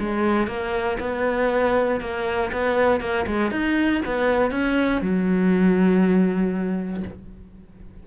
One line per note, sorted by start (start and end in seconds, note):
0.00 0.47 G#3
0.47 0.98 A#3
1.00 2.01 B3
2.01 2.51 A#3
2.53 3.01 B3
3.01 3.26 A#3
3.27 3.51 G#3
3.51 4.02 D#4
4.06 4.51 B3
4.51 5.02 C#4
5.02 7.04 F#3